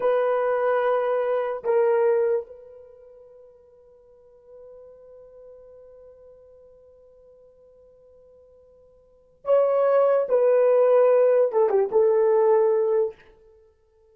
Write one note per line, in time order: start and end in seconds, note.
0.00 1.63 B4
1.64 2.46 A#4
2.46 9.44 B4
9.44 10.26 C#5
10.29 11.52 B4
11.52 11.69 A4
11.69 11.89 G4
11.91 13.15 A4